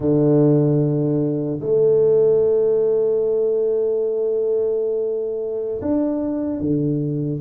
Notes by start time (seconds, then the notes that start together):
0.00 D3
1.60 A3
5.81 D4
6.60 D3